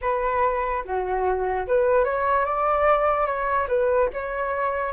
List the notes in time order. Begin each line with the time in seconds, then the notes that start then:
0.01 B4
0.84 F#4
1.67 B4
2.04 C#5
2.45 D5
3.26 C#5
3.68 B4
4.13 C#5